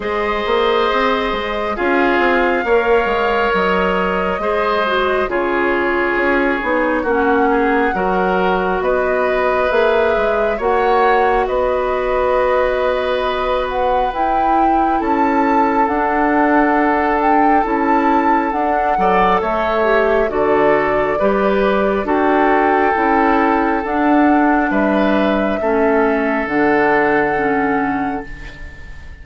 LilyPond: <<
  \new Staff \with { instrumentName = "flute" } { \time 4/4 \tempo 4 = 68 dis''2 f''2 | dis''2 cis''2 | fis''2 dis''4 e''4 | fis''4 dis''2~ dis''8 fis''8 |
g''4 a''4 fis''4. g''8 | a''4 fis''4 e''4 d''4~ | d''4 g''2 fis''4 | e''2 fis''2 | }
  \new Staff \with { instrumentName = "oboe" } { \time 4/4 c''2 gis'4 cis''4~ | cis''4 c''4 gis'2 | fis'8 gis'8 ais'4 b'2 | cis''4 b'2.~ |
b'4 a'2.~ | a'4. d''8 cis''4 a'4 | b'4 a'2. | b'4 a'2. | }
  \new Staff \with { instrumentName = "clarinet" } { \time 4/4 gis'2 f'4 ais'4~ | ais'4 gis'8 fis'8 f'4. dis'8 | cis'4 fis'2 gis'4 | fis'1 |
e'2 d'2 | e'4 d'8 a'4 g'8 fis'4 | g'4 fis'4 e'4 d'4~ | d'4 cis'4 d'4 cis'4 | }
  \new Staff \with { instrumentName = "bassoon" } { \time 4/4 gis8 ais8 c'8 gis8 cis'8 c'8 ais8 gis8 | fis4 gis4 cis4 cis'8 b8 | ais4 fis4 b4 ais8 gis8 | ais4 b2. |
e'4 cis'4 d'2 | cis'4 d'8 fis8 a4 d4 | g4 d'4 cis'4 d'4 | g4 a4 d2 | }
>>